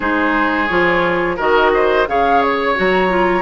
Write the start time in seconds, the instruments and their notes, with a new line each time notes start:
0.00 bassoon G#3, clarinet D#4, oboe G#4, flute C5
0.67 bassoon F3, clarinet F4, flute C#5
1.36 bassoon D#3, clarinet F#4, oboe A#4, flute D#5
1.74 oboe C5
2.07 bassoon C#3, clarinet G#4, oboe C#5, flute F5
2.42 flute C#5
2.75 bassoon F#3, clarinet F#4, flute A#5
3.09 clarinet F4